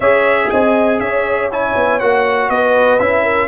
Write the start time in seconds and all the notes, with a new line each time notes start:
0.00 C#4 G#4 C#5 E5
0.50 C4 D#5 G#5
0.99 C#4 C#5 E5
1.51 E4 G#5
1.75 B3
1.99 A#3 F#4 F#5
2.49 B3 B4 D#5
2.99 C#4 E4 E5
3.23 A#4